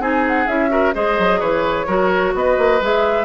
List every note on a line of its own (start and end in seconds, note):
0.00 0.47 C4
0.00 0.47 D#4
0.00 0.70 G#4
0.00 0.25 G#5
0.27 0.47 F#5
0.47 0.94 C#4
0.47 0.69 E4
0.47 0.94 E5
0.69 0.92 F#4
0.69 0.94 A#4
0.94 1.19 G#3
0.94 1.87 G#4
0.94 1.40 C5
0.94 1.40 D#5
1.19 1.41 F#3
1.40 1.87 E3
1.40 1.86 B4
1.40 2.33 C#5
1.87 2.34 F#3
1.87 2.80 F#4
1.87 2.34 A#4
2.34 2.58 B3
2.34 3.25 B4
2.34 2.83 D#5
2.58 2.81 A#3
2.81 3.25 G#3
2.81 3.25 G#4
2.81 3.25 E5